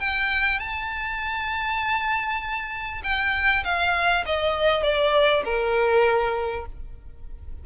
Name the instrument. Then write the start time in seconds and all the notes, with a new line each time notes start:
violin
0.00 G5
0.60 A5
3.03 G5
3.64 F5
4.26 D#5
4.83 D5
5.45 A#4